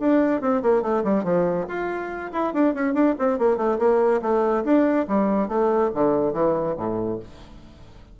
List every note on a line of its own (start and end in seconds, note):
0.00 0.41 D4
0.41 0.62 C4
0.62 0.82 A#3
0.82 1.04 A3
1.04 1.24 G3
1.24 1.66 F3
1.68 2.32 F4
2.32 2.53 E4
2.54 2.74 D4
2.74 2.94 C#4
2.94 3.15 D4
3.19 3.39 C4
3.39 3.57 A#3
3.57 3.78 A3
3.79 4.21 A#3
4.22 4.64 A3
4.64 5.06 D4
5.08 5.48 G3
5.48 5.90 A3
5.94 6.33 D3
6.33 6.75 E3
6.77 7.19 A2